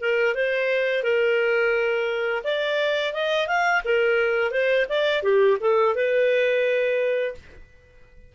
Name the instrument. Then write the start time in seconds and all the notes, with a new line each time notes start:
clarinet
0.00 A#4
0.35 C5
1.03 A#4
2.44 D5
3.13 D#5
3.47 F5
3.84 A#4
4.51 C5
4.89 D5
5.22 G4
5.60 A4
5.95 B4